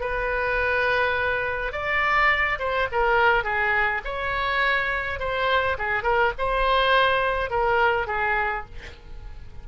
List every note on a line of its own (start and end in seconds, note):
0.00 1.72 B4
1.72 2.59 D5
2.59 2.88 C5
2.92 3.44 A#4
3.44 4.01 G#4
4.05 5.19 C#5
5.19 5.77 C5
5.78 6.03 G#4
6.03 6.32 A#4
6.38 7.50 C5
7.50 8.07 A#4
8.07 8.65 G#4